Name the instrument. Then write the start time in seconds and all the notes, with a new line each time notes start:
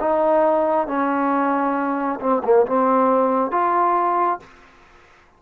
trombone
0.00 D#4
0.87 C#4
2.20 C4
2.44 A#3
2.66 C4
3.51 F4